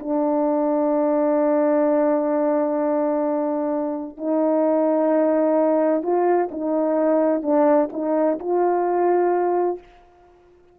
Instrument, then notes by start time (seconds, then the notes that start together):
horn
0.00 D4
4.18 D#4
6.03 F4
6.52 D#4
7.43 D4
7.93 D#4
8.40 F4